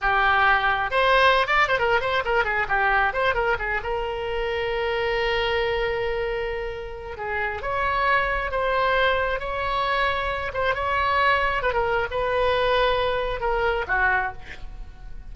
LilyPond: \new Staff \with { instrumentName = "oboe" } { \time 4/4 \tempo 4 = 134 g'2 c''4~ c''16 d''8 c''16 | ais'8 c''8 ais'8 gis'8 g'4 c''8 ais'8 | gis'8 ais'2.~ ais'8~ | ais'1 |
gis'4 cis''2 c''4~ | c''4 cis''2~ cis''8 c''8 | cis''2 b'16 ais'8. b'4~ | b'2 ais'4 fis'4 | }